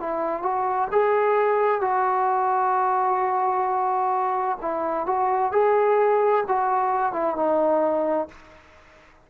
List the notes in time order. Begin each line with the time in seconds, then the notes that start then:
0.00 E4
0.42 F#4
0.91 G#4
1.81 F#4
4.62 E4
5.06 F#4
5.52 G#4
6.48 F#4
7.13 E4
7.36 D#4